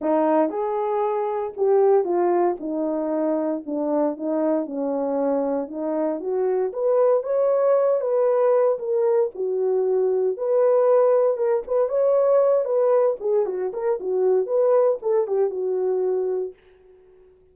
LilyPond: \new Staff \with { instrumentName = "horn" } { \time 4/4 \tempo 4 = 116 dis'4 gis'2 g'4 | f'4 dis'2 d'4 | dis'4 cis'2 dis'4 | fis'4 b'4 cis''4. b'8~ |
b'4 ais'4 fis'2 | b'2 ais'8 b'8 cis''4~ | cis''8 b'4 gis'8 fis'8 ais'8 fis'4 | b'4 a'8 g'8 fis'2 | }